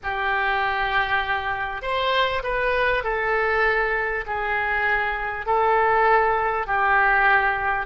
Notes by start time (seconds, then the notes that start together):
0.03 G4
1.82 C5
2.43 B4
3.03 A4
4.26 G#4
5.45 A4
6.66 G4